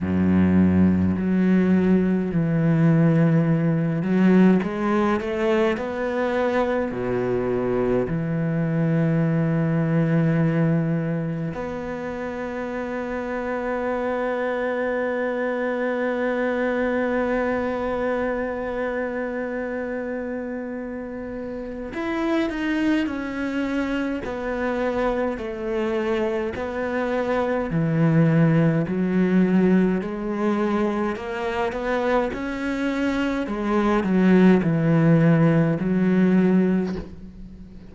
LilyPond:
\new Staff \with { instrumentName = "cello" } { \time 4/4 \tempo 4 = 52 fis,4 fis4 e4. fis8 | gis8 a8 b4 b,4 e4~ | e2 b2~ | b1~ |
b2. e'8 dis'8 | cis'4 b4 a4 b4 | e4 fis4 gis4 ais8 b8 | cis'4 gis8 fis8 e4 fis4 | }